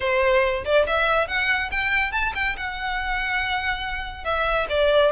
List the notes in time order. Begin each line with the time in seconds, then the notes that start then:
0.00 C5
0.64 D5
0.86 E5
1.27 F#5
1.71 G5
2.11 A5
2.35 G5
2.56 F#5
4.24 E5
4.69 D5